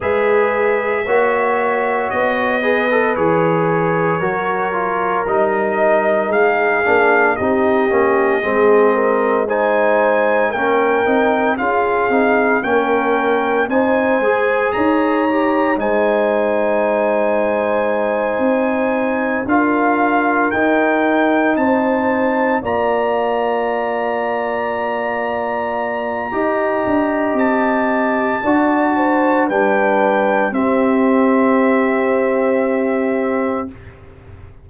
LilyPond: <<
  \new Staff \with { instrumentName = "trumpet" } { \time 4/4 \tempo 4 = 57 e''2 dis''4 cis''4~ | cis''4 dis''4 f''4 dis''4~ | dis''4 gis''4 g''4 f''4 | g''4 gis''4 ais''4 gis''4~ |
gis''2~ gis''8 f''4 g''8~ | g''8 a''4 ais''2~ ais''8~ | ais''2 a''2 | g''4 e''2. | }
  \new Staff \with { instrumentName = "horn" } { \time 4/4 b'4 cis''4. b'4. | ais'2 gis'4 g'4 | gis'8 ais'8 c''4 ais'4 gis'4 | ais'4 c''4 cis''4 c''4~ |
c''2~ c''8 ais'4.~ | ais'8 c''4 d''2~ d''8~ | d''4 dis''2 d''8 c''8 | b'4 g'2. | }
  \new Staff \with { instrumentName = "trombone" } { \time 4/4 gis'4 fis'4. gis'16 a'16 gis'4 | fis'8 f'8 dis'4. d'8 dis'8 cis'8 | c'4 dis'4 cis'8 dis'8 f'8 dis'8 | cis'4 dis'8 gis'4 g'8 dis'4~ |
dis'2~ dis'8 f'4 dis'8~ | dis'4. f'2~ f'8~ | f'4 g'2 fis'4 | d'4 c'2. | }
  \new Staff \with { instrumentName = "tuba" } { \time 4/4 gis4 ais4 b4 e4 | fis4 g4 gis8 ais8 c'8 ais8 | gis2 ais8 c'8 cis'8 c'8 | ais4 c'8 gis8 dis'4 gis4~ |
gis4. c'4 d'4 dis'8~ | dis'8 c'4 ais2~ ais8~ | ais4 dis'8 d'8 c'4 d'4 | g4 c'2. | }
>>